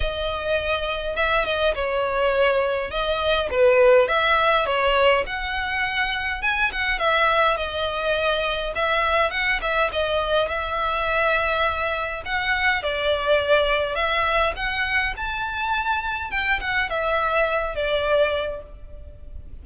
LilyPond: \new Staff \with { instrumentName = "violin" } { \time 4/4 \tempo 4 = 103 dis''2 e''8 dis''8 cis''4~ | cis''4 dis''4 b'4 e''4 | cis''4 fis''2 gis''8 fis''8 | e''4 dis''2 e''4 |
fis''8 e''8 dis''4 e''2~ | e''4 fis''4 d''2 | e''4 fis''4 a''2 | g''8 fis''8 e''4. d''4. | }